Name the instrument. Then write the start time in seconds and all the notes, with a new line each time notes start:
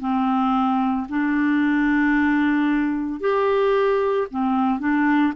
clarinet
0.00 C4
1.09 D4
3.20 G4
4.31 C4
4.79 D4